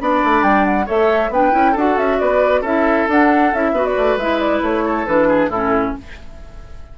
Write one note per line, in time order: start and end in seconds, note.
0.00 0.23 B3
0.00 0.87 D4
0.00 0.86 D5
0.00 0.44 B5
0.24 0.43 A3
0.43 0.87 G3
0.43 0.66 G5
0.66 0.88 F#5
0.86 1.29 A3
0.86 1.31 A4
0.86 1.30 C#5
0.86 1.33 E5
1.29 1.51 B3
1.29 1.52 D4
1.29 1.72 B4
1.29 1.78 G5
1.52 1.76 C#4
1.52 1.74 E4
1.72 1.98 D4
1.72 2.65 F#4
1.72 2.16 A4
1.72 1.98 F#5
1.98 2.20 C#4
1.98 2.20 E5
2.20 2.62 B3
2.20 2.62 B4
2.20 2.64 D5
2.62 3.06 C#4
2.62 3.09 E4
2.62 3.72 A4
2.62 3.09 E5
3.09 3.53 D4
3.09 3.54 D4
3.09 3.55 F#5
3.54 3.73 C#4
3.54 3.75 E4
3.54 3.86 E5
3.73 3.95 B3
3.73 4.20 F#4
3.73 4.85 B4
3.86 4.19 D5
3.98 4.17 A3
4.17 4.61 G#3
4.17 5.07 E4
4.17 4.40 E5
4.40 4.62 D5
4.62 5.06 A3
4.62 5.07 C#5
4.85 5.28 A4
5.07 5.49 E3
5.07 5.52 D4
5.07 5.51 B4
5.28 5.50 G#4
5.49 5.93 A2
5.49 5.99 C#4
5.49 5.94 E4
5.49 5.95 A4